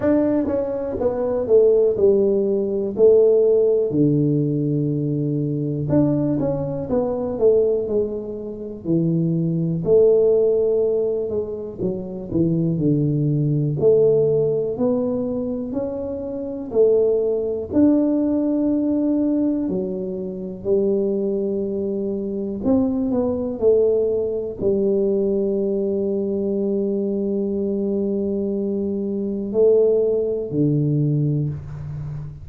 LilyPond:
\new Staff \with { instrumentName = "tuba" } { \time 4/4 \tempo 4 = 61 d'8 cis'8 b8 a8 g4 a4 | d2 d'8 cis'8 b8 a8 | gis4 e4 a4. gis8 | fis8 e8 d4 a4 b4 |
cis'4 a4 d'2 | fis4 g2 c'8 b8 | a4 g2.~ | g2 a4 d4 | }